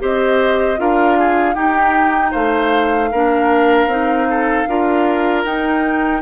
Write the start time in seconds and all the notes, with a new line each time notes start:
0.00 C4 G4 C5 D#5
0.78 D4 F4 A#4 F5
1.19 G#4
1.55 D#4 G4 G5
2.32 A3 C5 F5
3.12 A#3 D4 A#4
3.87 C4 D#4
4.30 A4
4.69 D4 F4 A#4
5.45 D#4 G5